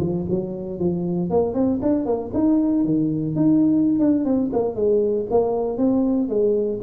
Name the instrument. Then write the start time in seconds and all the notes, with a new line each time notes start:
tuba
0.00 F3
0.30 F#3
0.79 F3
1.30 A#3
1.54 C4
1.82 D4
2.06 A#3
2.34 D#4
2.85 D#3
3.36 D#4
3.99 D4
4.25 C4
4.53 A#3
4.75 G#3
5.30 A#3
5.78 C4
6.29 G#3